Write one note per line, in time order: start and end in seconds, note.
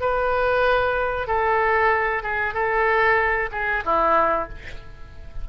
0.00 1.26 B4
1.26 2.22 A4
2.22 2.54 G#4
2.54 3.49 A4
3.51 3.83 G#4
3.84 4.48 E4